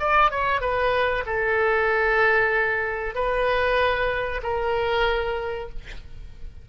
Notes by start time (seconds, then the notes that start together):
0.00 D5
0.31 C#5
0.61 B4
1.26 A4
3.15 B4
4.43 A#4